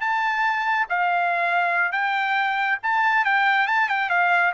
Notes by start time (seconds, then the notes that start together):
0.00 A5
0.89 F5
1.92 G5
2.83 A5
3.24 G5
3.67 A5
3.88 G5
4.09 F5